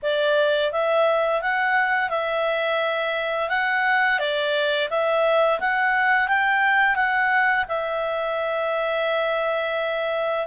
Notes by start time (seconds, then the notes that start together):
0.02 D5
0.72 E5
1.41 F#5
2.09 E5
3.49 F#5
4.19 D5
4.90 E5
5.60 F#5
6.28 G5
6.95 F#5
7.68 E5